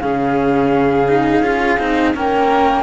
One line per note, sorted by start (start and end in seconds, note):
0.00 1.42 C#3
0.00 1.08 C#4
0.00 2.16 G#4
0.00 2.14 F5
1.08 1.44 D#4
1.42 1.77 C#4
1.42 1.79 F4
1.79 2.15 C4
1.79 2.15 D#4
2.15 2.83 A#3
2.15 2.83 C#4
2.15 2.83 A#4
2.15 2.83 G5